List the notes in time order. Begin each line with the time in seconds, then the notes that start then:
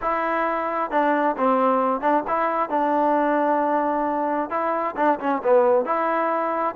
0.01 E4
0.90 D4
1.37 C4
2.01 D4
2.27 E4
2.69 D4
4.49 E4
4.96 D4
5.19 C#4
5.43 B3
5.85 E4